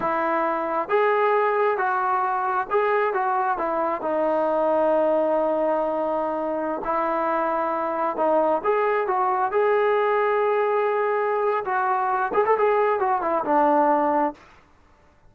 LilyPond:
\new Staff \with { instrumentName = "trombone" } { \time 4/4 \tempo 4 = 134 e'2 gis'2 | fis'2 gis'4 fis'4 | e'4 dis'2.~ | dis'2.~ dis'16 e'8.~ |
e'2~ e'16 dis'4 gis'8.~ | gis'16 fis'4 gis'2~ gis'8.~ | gis'2 fis'4. gis'16 a'16 | gis'4 fis'8 e'8 d'2 | }